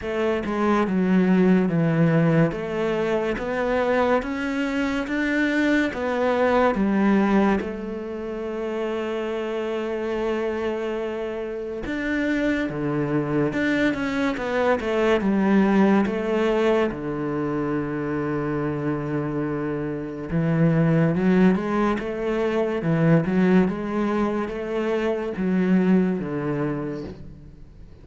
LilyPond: \new Staff \with { instrumentName = "cello" } { \time 4/4 \tempo 4 = 71 a8 gis8 fis4 e4 a4 | b4 cis'4 d'4 b4 | g4 a2.~ | a2 d'4 d4 |
d'8 cis'8 b8 a8 g4 a4 | d1 | e4 fis8 gis8 a4 e8 fis8 | gis4 a4 fis4 d4 | }